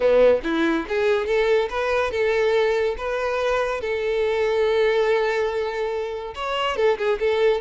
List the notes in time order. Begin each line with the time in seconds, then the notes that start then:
0.00 B3
0.43 E4
0.88 G#4
1.26 A4
1.69 B4
2.11 A4
2.97 B4
3.80 A4
6.34 C#5
6.76 A4
6.97 G#4
7.19 A4